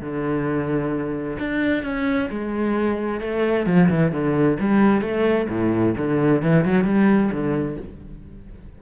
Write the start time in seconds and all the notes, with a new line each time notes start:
0.00 D3
1.38 D4
1.83 C#4
2.30 G#3
3.20 A3
3.66 F3
3.89 E3
4.12 D3
4.59 G3
5.01 A3
5.49 A2
5.97 D3
6.42 E3
6.64 F#3
6.84 G3
7.31 D3